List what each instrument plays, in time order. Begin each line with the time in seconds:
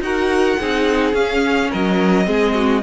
0.00 cello D#4, viola F#4, violin A#4 F#5
0.60 cello C4, viola D#4, violin G#4
1.13 viola C#4, cello C#4, violin F5
1.70 cello F#3, violin A#4 D#5
2.25 cello G#3, viola C4, violin G#4
2.54 violin F#4